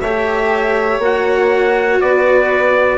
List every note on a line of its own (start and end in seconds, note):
0.00 0.98 A3
0.00 1.01 G4
0.00 2.01 C#5
0.00 1.00 E5
0.98 1.98 A#3
0.98 2.98 F#4
0.98 2.00 F#5
2.00 2.98 B3
2.00 2.98 B4
2.00 2.98 D5